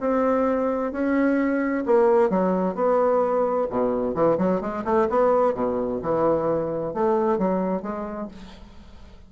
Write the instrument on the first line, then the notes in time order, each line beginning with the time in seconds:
bassoon
0.00 C4
0.92 C#4
1.86 A#3
2.30 F#3
2.75 B3
3.70 B2
4.15 E3
4.38 F#3
4.61 G#3
4.85 A3
5.09 B3
5.54 B2
6.02 E3
6.94 A3
7.38 F#3
7.82 G#3